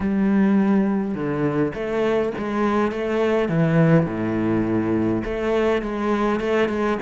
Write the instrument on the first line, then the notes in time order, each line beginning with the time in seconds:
cello
0.00 G3
1.14 D3
1.74 A3
2.38 G#3
2.91 A3
3.48 E3
4.06 A2
5.24 A3
5.81 G#3
6.39 A3
6.68 G#3